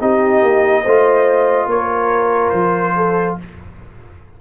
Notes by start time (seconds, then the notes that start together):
0.00 C4 D#4 G4 D#5
0.42 A#3
0.83 A3 F4 C5
1.66 A#3 A#4 C#5
2.49 F3 C5
2.96 A4